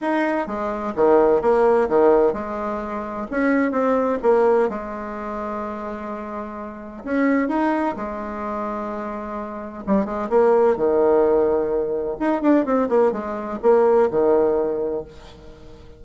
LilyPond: \new Staff \with { instrumentName = "bassoon" } { \time 4/4 \tempo 4 = 128 dis'4 gis4 dis4 ais4 | dis4 gis2 cis'4 | c'4 ais4 gis2~ | gis2. cis'4 |
dis'4 gis2.~ | gis4 g8 gis8 ais4 dis4~ | dis2 dis'8 d'8 c'8 ais8 | gis4 ais4 dis2 | }